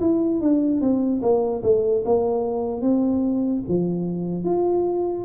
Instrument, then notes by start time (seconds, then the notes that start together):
tuba
0.00 E4
0.41 D4
0.81 C4
1.22 A#3
1.63 A3
2.05 A#3
2.81 C4
3.68 F3
4.44 F4